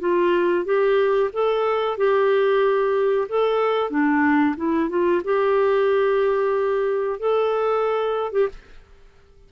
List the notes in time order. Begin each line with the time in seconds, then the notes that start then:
0.00 F4
0.66 G4
1.33 A4
1.98 G4
3.29 A4
3.91 D4
4.57 E4
4.90 F4
5.24 G4
7.20 A4
8.33 G4